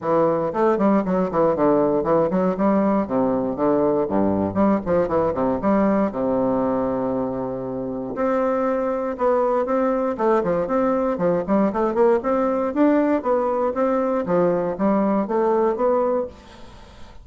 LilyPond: \new Staff \with { instrumentName = "bassoon" } { \time 4/4 \tempo 4 = 118 e4 a8 g8 fis8 e8 d4 | e8 fis8 g4 c4 d4 | g,4 g8 f8 e8 c8 g4 | c1 |
c'2 b4 c'4 | a8 f8 c'4 f8 g8 a8 ais8 | c'4 d'4 b4 c'4 | f4 g4 a4 b4 | }